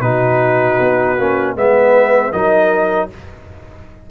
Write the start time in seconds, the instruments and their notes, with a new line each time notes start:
0.00 tuba B2, trombone D#4, horn F#4, trumpet B4
0.80 tuba B3
1.18 tuba A#3, trombone C#4
1.55 tuba G#3, trombone B3, horn B4, trumpet E5
2.32 tuba F#3, trombone D#4, horn A#4, trumpet D#5